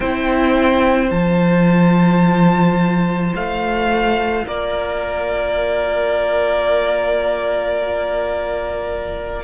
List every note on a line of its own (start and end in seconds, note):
0.00 1.10 C4
0.00 1.11 E4
0.00 4.43 C5
0.00 1.09 G5
1.10 3.33 F3
1.10 9.44 F4
1.10 3.32 A5
3.35 4.46 A3
3.35 4.46 F5
4.43 9.44 A#3
4.43 9.43 A#4
4.43 9.44 D5